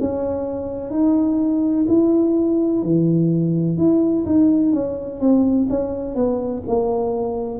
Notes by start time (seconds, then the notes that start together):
0.00 C#4
0.90 D#4
1.88 E4
2.83 E3
3.77 E4
4.26 D#4
4.72 C#4
5.20 C4
5.69 C#4
6.15 B3
6.67 A#3